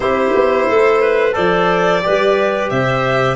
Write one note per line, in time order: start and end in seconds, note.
0.00 0.31 C4
0.00 1.32 E4
0.00 0.68 G4
0.00 1.34 C5
0.34 0.68 B3
0.68 1.36 A3
0.68 1.01 A4
1.01 1.34 B4
1.32 2.04 F3
1.32 2.00 A4
1.32 2.02 C5
1.32 2.69 D5
2.02 2.70 G3
2.02 3.35 G4
2.02 2.71 B4
2.69 3.35 C3
2.69 3.35 C5
2.69 3.35 E5